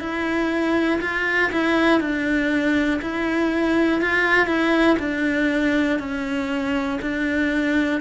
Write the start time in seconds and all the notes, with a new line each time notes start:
0.00 E4
1.01 F4
1.52 E4
2.00 D4
3.01 E4
4.01 F4
4.47 E4
5.00 D4
5.99 C#4
7.01 D4